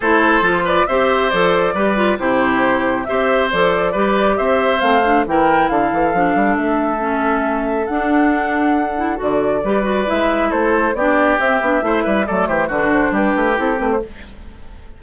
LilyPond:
<<
  \new Staff \with { instrumentName = "flute" } { \time 4/4 \tempo 4 = 137 c''4. d''8 e''4 d''4~ | d''4 c''2 e''4 | d''2 e''4 f''4 | g''4 f''2 e''4~ |
e''2 fis''2~ | fis''4 d''2 e''4 | c''4 d''4 e''2 | d''8 c''8 b'8 c''8 b'4 a'8 b'16 c''16 | }
  \new Staff \with { instrumentName = "oboe" } { \time 4/4 a'4. b'8 c''2 | b'4 g'2 c''4~ | c''4 b'4 c''2 | ais'4 a'2.~ |
a'1~ | a'2 b'2 | a'4 g'2 c''8 b'8 | a'8 g'8 fis'4 g'2 | }
  \new Staff \with { instrumentName = "clarinet" } { \time 4/4 e'4 f'4 g'4 a'4 | g'8 f'8 e'2 g'4 | a'4 g'2 c'8 d'8 | e'2 d'2 |
cis'2 d'2~ | d'8 e'8 fis'4 g'8 fis'8 e'4~ | e'4 d'4 c'8 d'8 e'4 | a4 d'2 e'8 c'8 | }
  \new Staff \with { instrumentName = "bassoon" } { \time 4/4 a4 f4 c'4 f4 | g4 c2 c'4 | f4 g4 c'4 a4 | e4 d8 e8 f8 g8 a4~ |
a2 d'2~ | d'4 d4 g4 gis4 | a4 b4 c'8 b8 a8 g8 | fis8 e8 d4 g8 a8 c'8 a8 | }
>>